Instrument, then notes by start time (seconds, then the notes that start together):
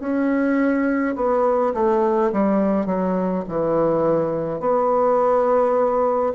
bassoon
0.00 C#4
1.16 B3
1.74 A3
2.32 G3
2.86 F#3
3.48 E3
4.60 B3